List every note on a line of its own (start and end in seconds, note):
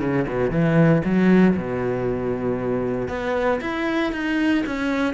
0.00 0.26 C#3
0.27 0.50 B2
0.50 1.02 E3
1.04 1.56 F#3
1.57 3.08 B2
3.08 3.60 B3
3.61 4.12 E4
4.12 4.64 D#4
4.66 5.13 C#4